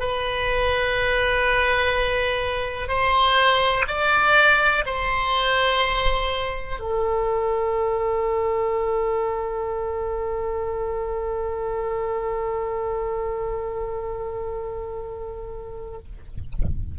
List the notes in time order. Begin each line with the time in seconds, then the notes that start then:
0.00 B4
2.88 C5
3.88 D5
4.86 C5
6.80 A4